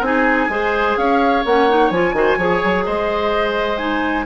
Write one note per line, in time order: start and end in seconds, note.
0.00 0.47 C4
0.00 0.50 D#4
0.00 0.97 G#5
0.06 0.51 G#4
0.49 0.96 G#3
0.49 1.44 G#4
0.49 0.98 C5
0.97 1.44 C#4
0.97 2.15 C#5
0.97 1.44 F5
1.45 1.90 A#3
1.45 1.69 C#4
1.45 1.90 F#5
1.69 1.92 D#4
1.90 2.12 F3
1.90 2.14 F4
1.90 2.84 G#5
2.12 2.36 D#3
2.12 2.38 F#4
2.12 2.37 C5
2.37 2.61 F3
2.37 3.78 G#4
2.37 2.84 C#5
2.64 2.87 F#3
2.84 4.26 G#3
2.84 4.26 C5
2.84 3.77 D#5
3.77 4.25 D#4
3.77 4.24 G#5